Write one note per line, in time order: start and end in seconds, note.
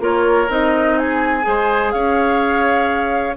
0.00 0.48 A#3
0.00 0.48 F4
0.00 0.98 A#4
0.00 0.51 C#5
0.49 1.45 C4
0.49 1.42 D#4
0.49 0.99 D#5
0.99 1.47 G#4
0.99 1.92 G#5
1.42 1.94 G#3
1.42 3.34 G#4
1.42 1.94 C5
1.92 3.37 C#4
1.92 3.37 C#5
1.92 3.36 F5